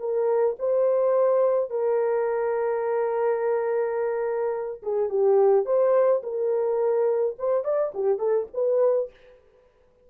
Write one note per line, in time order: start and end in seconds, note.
0.00 0.57 A#4
0.59 1.71 C5
1.71 4.82 A#4
4.83 5.10 G#4
5.10 5.66 G4
5.66 6.23 C5
6.23 7.37 A#4
7.39 7.65 C5
7.65 7.93 D5
7.95 8.19 G4
8.19 8.48 A4
8.54 9.11 B4